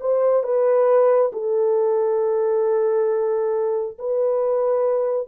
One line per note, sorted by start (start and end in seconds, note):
0.00 0.43 C5
0.43 1.32 B4
1.33 3.97 A4
3.99 5.27 B4